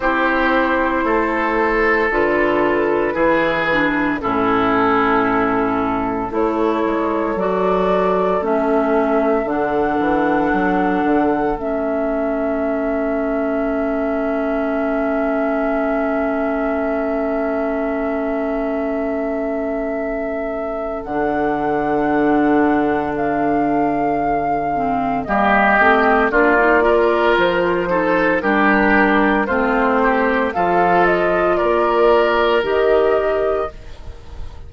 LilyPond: <<
  \new Staff \with { instrumentName = "flute" } { \time 4/4 \tempo 4 = 57 c''2 b'2 | a'2 cis''4 d''4 | e''4 fis''2 e''4~ | e''1~ |
e''1 | fis''2 f''2 | dis''4 d''4 c''4 ais'4 | c''4 f''8 dis''8 d''4 dis''4 | }
  \new Staff \with { instrumentName = "oboe" } { \time 4/4 g'4 a'2 gis'4 | e'2 a'2~ | a'1~ | a'1~ |
a'1~ | a'1 | g'4 f'8 ais'4 a'8 g'4 | f'8 g'8 a'4 ais'2 | }
  \new Staff \with { instrumentName = "clarinet" } { \time 4/4 e'2 f'4 e'8 d'8 | cis'2 e'4 fis'4 | cis'4 d'2 cis'4~ | cis'1~ |
cis'1 | d'2.~ d'8 c'8 | ais8 c'8 d'16 dis'16 f'4 dis'8 d'4 | c'4 f'2 g'4 | }
  \new Staff \with { instrumentName = "bassoon" } { \time 4/4 c'4 a4 d4 e4 | a,2 a8 gis8 fis4 | a4 d8 e8 fis8 d8 a4~ | a1~ |
a1 | d1 | g8 a8 ais4 f4 g4 | a4 f4 ais4 dis4 | }
>>